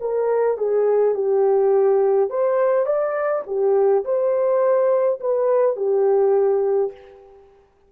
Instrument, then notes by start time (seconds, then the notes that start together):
horn
0.00 A#4
0.57 G#4
1.14 G4
2.29 C5
2.85 D5
3.46 G4
4.04 C5
5.20 B4
5.76 G4